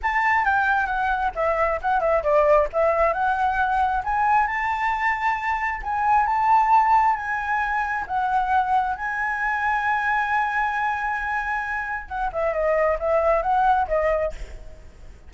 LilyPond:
\new Staff \with { instrumentName = "flute" } { \time 4/4 \tempo 4 = 134 a''4 g''4 fis''4 e''4 | fis''8 e''8 d''4 e''4 fis''4~ | fis''4 gis''4 a''2~ | a''4 gis''4 a''2 |
gis''2 fis''2 | gis''1~ | gis''2. fis''8 e''8 | dis''4 e''4 fis''4 dis''4 | }